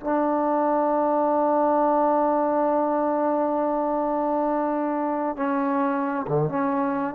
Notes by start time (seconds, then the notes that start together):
0.00 D4
5.36 C#4
6.27 D3
6.48 C#4